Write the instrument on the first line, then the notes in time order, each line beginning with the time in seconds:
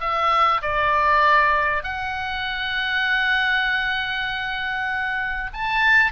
oboe
0.00 E5
0.62 D5
1.83 F#5
5.53 A5